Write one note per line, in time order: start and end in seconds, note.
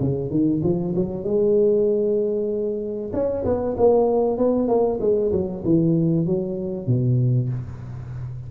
0.00 0.30 C#3
0.30 0.61 D#3
0.63 0.94 F3
0.95 1.24 F#3
1.24 3.11 G#3
3.13 3.44 C#4
3.45 3.76 B3
3.77 4.38 A#3
4.38 4.68 B3
4.68 4.99 A#3
5.00 5.32 G#3
5.32 5.63 F#3
5.65 6.26 E3
6.26 6.87 F#3
6.87 7.49 B2